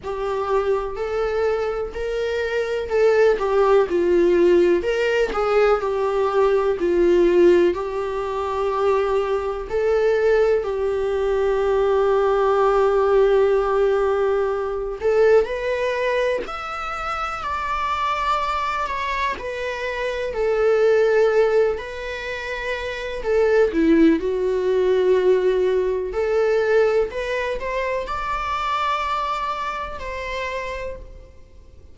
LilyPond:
\new Staff \with { instrumentName = "viola" } { \time 4/4 \tempo 4 = 62 g'4 a'4 ais'4 a'8 g'8 | f'4 ais'8 gis'8 g'4 f'4 | g'2 a'4 g'4~ | g'2.~ g'8 a'8 |
b'4 e''4 d''4. cis''8 | b'4 a'4. b'4. | a'8 e'8 fis'2 a'4 | b'8 c''8 d''2 c''4 | }